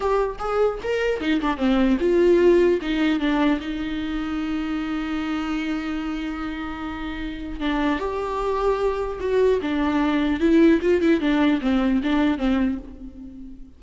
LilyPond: \new Staff \with { instrumentName = "viola" } { \time 4/4 \tempo 4 = 150 g'4 gis'4 ais'4 dis'8 d'8 | c'4 f'2 dis'4 | d'4 dis'2.~ | dis'1~ |
dis'2. d'4 | g'2. fis'4 | d'2 e'4 f'8 e'8 | d'4 c'4 d'4 c'4 | }